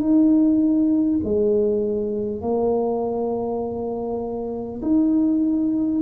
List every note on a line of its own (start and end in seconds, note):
0.00 1.20 D#4
1.24 2.41 G#3
2.41 4.81 A#3
4.82 6.02 D#4